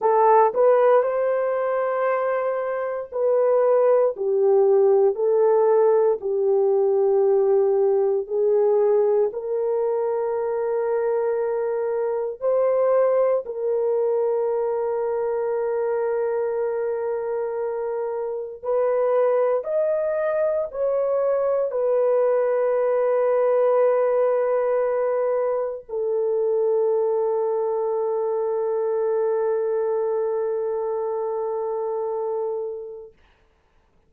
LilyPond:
\new Staff \with { instrumentName = "horn" } { \time 4/4 \tempo 4 = 58 a'8 b'8 c''2 b'4 | g'4 a'4 g'2 | gis'4 ais'2. | c''4 ais'2.~ |
ais'2 b'4 dis''4 | cis''4 b'2.~ | b'4 a'2.~ | a'1 | }